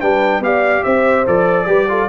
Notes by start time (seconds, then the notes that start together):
0.00 G3 D4 B4 G5
0.39 B3 G4 D5 F5
0.83 C4 C5 E5
1.26 F3 A4 D5
1.66 G3 G4 B4
1.88 F4 A4